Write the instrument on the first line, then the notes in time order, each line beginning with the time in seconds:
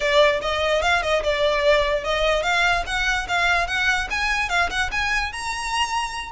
violin
0.00 D5
0.41 D#5
0.81 F5
1.02 D#5
1.23 D5
2.04 D#5
2.42 F5
2.86 F#5
3.27 F5
3.67 F#5
4.10 G#5
4.49 F5
4.70 F#5
4.91 G#5
5.32 A#5